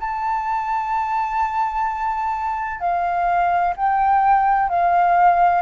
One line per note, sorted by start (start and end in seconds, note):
0.00 2.80 A5
2.80 3.74 F5
3.77 4.70 G5
4.70 5.62 F5